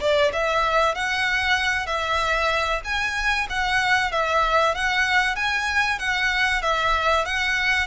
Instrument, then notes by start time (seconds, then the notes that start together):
violin
0.00 D5
0.33 E5
0.94 F#5
1.86 E5
2.84 G#5
3.50 F#5
4.12 E5
4.75 F#5
5.36 G#5
5.99 F#5
6.62 E5
7.25 F#5